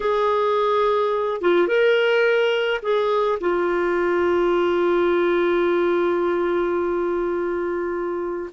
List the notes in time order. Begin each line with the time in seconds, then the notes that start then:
0.00 G#4
1.41 F4
1.67 A#4
2.82 G#4
3.40 F4